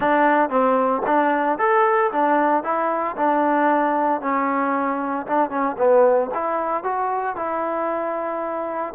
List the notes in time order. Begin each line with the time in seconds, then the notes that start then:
0.00 D4
0.49 C4
1.06 D4
1.58 A4
2.11 D4
2.63 E4
3.16 D4
4.21 C#4
5.26 D4
5.50 C#4
5.78 B3
6.34 E4
6.83 F#4
7.36 E4